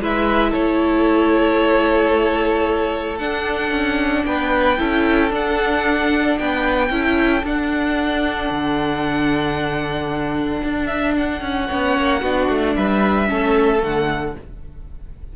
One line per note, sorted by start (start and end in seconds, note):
0.00 0.53 G#3
0.00 3.19 E4
0.00 0.51 B4
0.00 0.53 E5
0.51 3.21 A3
0.51 4.23 A4
0.51 3.18 C#5
3.18 4.78 D4
3.18 3.72 D4
3.18 4.25 F#5
3.72 4.25 C#4
4.26 4.79 B3
4.26 4.79 B4
4.26 5.32 G5
4.79 5.32 C#4
4.79 5.30 E4
4.79 6.39 A4
5.30 6.89 D4
5.30 6.38 D4
5.30 6.39 F#5
6.39 6.90 B3
6.39 6.92 B4
6.39 7.45 G5
6.90 7.43 C#4
6.90 7.44 E4
6.90 11.67 A4
7.44 8.50 D4
7.44 11.69 D4
7.44 10.86 F#5
8.50 10.63 D3
10.64 11.42 D4
10.86 11.13 E5
11.17 12.76 F#5
11.42 11.68 C#4
11.67 11.99 B3
11.67 12.23 C#4
11.67 12.20 C#5
11.99 12.22 A#3
12.22 12.49 B3
12.22 13.27 D4
12.22 12.75 F#4
12.49 12.76 A3
12.76 13.30 G3
12.76 13.29 B4
12.76 13.82 E5
13.27 13.83 A3
13.27 13.79 C#4
13.27 14.35 A4
13.79 14.36 D3
13.79 14.32 A3
13.79 14.37 F#5